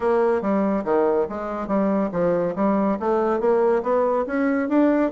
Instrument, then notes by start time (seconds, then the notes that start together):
bassoon
0.00 A#3
0.41 G3
0.84 D#3
1.29 G#3
1.67 G3
2.12 F3
2.55 G3
2.99 A3
3.39 A#3
3.82 B3
4.26 C#4
4.68 D4